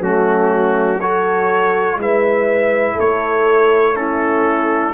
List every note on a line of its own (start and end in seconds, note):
0.00 1.97 F#3
0.00 1.00 A3
0.00 1.00 C#4
0.00 1.01 F#4
1.01 2.00 F#4
1.01 1.99 A4
1.01 1.99 C#5
1.97 2.95 G#3
1.97 3.96 E4
1.97 2.94 B4
1.97 3.00 E5
2.94 3.92 A4
2.94 3.96 C#5
3.00 4.94 A3
3.96 4.94 C#4
3.96 4.94 E4
3.96 4.94 A4